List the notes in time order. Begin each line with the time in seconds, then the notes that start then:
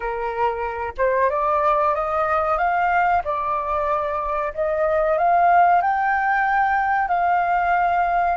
0.00 A#4
0.97 C5
1.30 D5
1.94 D#5
2.58 F5
3.24 D5
4.54 D#5
5.18 F5
5.81 G5
7.08 F5